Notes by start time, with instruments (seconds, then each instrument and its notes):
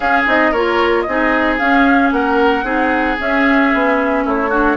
0.00 bassoon C#4, clarinet C#4, oboe G#4, flute F5
0.26 bassoon C4, clarinet D#4, flute D#5
0.51 bassoon A#3, clarinet F4, oboe A#4, flute C#5
1.02 bassoon C4, flute D#5
1.08 clarinet D#4, oboe G#4
1.58 clarinet C#4, bassoon C#4, flute F5
2.11 bassoon A#3, oboe A#4, flute F#5
2.63 bassoon C4, clarinet D#4, oboe G#4
3.18 clarinet C#4, bassoon C#4, flute E5
3.73 bassoon B3
4.25 bassoon A3, oboe E4, flute C#5
4.49 clarinet D4, oboe F#4